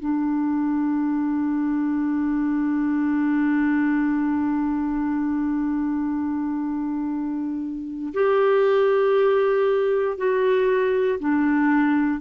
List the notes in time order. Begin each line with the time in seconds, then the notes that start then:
0.00 D4
8.14 G4
10.18 F#4
11.20 D4